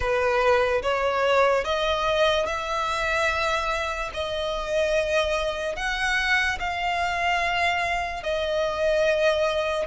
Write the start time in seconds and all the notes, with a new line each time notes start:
0.00 B4
0.82 C#5
1.64 D#5
2.46 E5
4.13 D#5
5.76 F#5
6.59 F5
8.23 D#5